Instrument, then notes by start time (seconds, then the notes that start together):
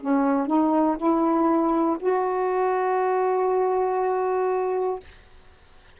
saxophone
0.00 C#4
0.47 D#4
0.97 E4
1.99 F#4